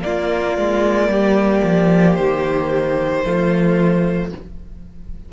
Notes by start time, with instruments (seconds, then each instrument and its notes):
0.00 viola A#3, violin F4 D5
0.06 cello A#3
0.58 cello G#3
1.08 cello G3, violin G4
1.64 cello F3
2.15 cello D#3, violin C5
3.24 cello F3, viola A3, violin F4